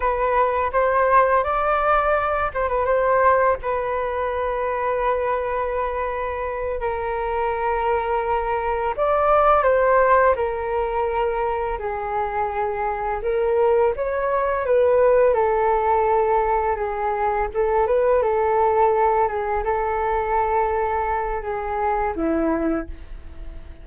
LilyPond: \new Staff \with { instrumentName = "flute" } { \time 4/4 \tempo 4 = 84 b'4 c''4 d''4. c''16 b'16 | c''4 b'2.~ | b'4. ais'2~ ais'8~ | ais'8 d''4 c''4 ais'4.~ |
ais'8 gis'2 ais'4 cis''8~ | cis''8 b'4 a'2 gis'8~ | gis'8 a'8 b'8 a'4. gis'8 a'8~ | a'2 gis'4 e'4 | }